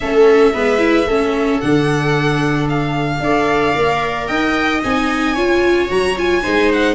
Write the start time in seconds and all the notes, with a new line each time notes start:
0.00 A3 C#4 A4 E5
0.53 G#3 B3 B4
0.78 E4
1.05 A3 C#4 A4
1.60 D3 D4 F#5
2.69 F5
3.19 D4 A4 D5
3.74 A#3 A#4
4.27 D#4 D#5 G5
4.83 C4 D#4 G#5
5.34 C#4 F4 C#5
5.88 F#3 F#4 A#5
6.17 F4 G#5
6.42 G#3 D#4 C5
6.72 F#5